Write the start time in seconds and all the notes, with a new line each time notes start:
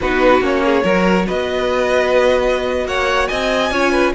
0.00 B3 D#4 F#4 B4
0.40 A#3 C#4 C#5
0.65 G#4
0.83 F#3 F#4 A#4
1.27 B3 B4 D#5
2.85 A#3 C#5 F#5
3.27 C4 D#5 G#5
3.70 C#4 F4 C#5
3.91 B4